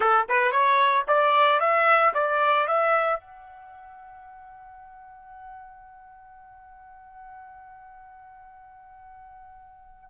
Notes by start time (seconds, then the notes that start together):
0.00 A4
0.28 B4
0.51 C#5
1.07 D5
1.60 E5
2.14 D5
2.67 E5
3.20 F#5